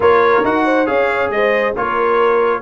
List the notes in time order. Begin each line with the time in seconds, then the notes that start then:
0.00 A#3 F4 A#4 C#5
0.44 D#4 F#4 F#5
0.65 C5
0.85 C#4 G#4 C#5 F5
1.29 G#3 C5 D#5
1.74 A#3 F4 A#4 C#5